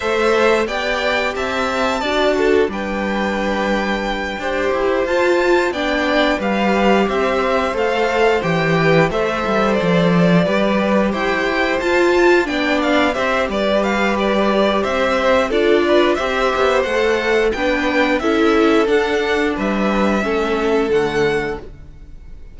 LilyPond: <<
  \new Staff \with { instrumentName = "violin" } { \time 4/4 \tempo 4 = 89 e''4 g''4 a''2 | g''2.~ g''8 a''8~ | a''8 g''4 f''4 e''4 f''8~ | f''8 g''4 e''4 d''4.~ |
d''8 g''4 a''4 g''8 f''8 e''8 | d''8 f''8 d''4 e''4 d''4 | e''4 fis''4 g''4 e''4 | fis''4 e''2 fis''4 | }
  \new Staff \with { instrumentName = "violin" } { \time 4/4 c''4 d''4 e''4 d''8 a'8 | b'2~ b'8 c''4.~ | c''8 d''4 b'4 c''4.~ | c''4 b'8 c''2 b'8~ |
b'8 c''2 d''4 c''8 | b'2 c''4 a'8 b'8 | c''2 b'4 a'4~ | a'4 b'4 a'2 | }
  \new Staff \with { instrumentName = "viola" } { \time 4/4 a'4 g'2 fis'4 | d'2~ d'8 g'4 f'8~ | f'8 d'4 g'2 a'8~ | a'8 g'4 a'2 g'8~ |
g'4. f'4 d'4 g'8~ | g'2. f'4 | g'4 a'4 d'4 e'4 | d'2 cis'4 a4 | }
  \new Staff \with { instrumentName = "cello" } { \time 4/4 a4 b4 c'4 d'4 | g2~ g8 d'8 e'8 f'8~ | f'8 b4 g4 c'4 a8~ | a8 e4 a8 g8 f4 g8~ |
g8 e'4 f'4 b4 c'8 | g2 c'4 d'4 | c'8 b8 a4 b4 cis'4 | d'4 g4 a4 d4 | }
>>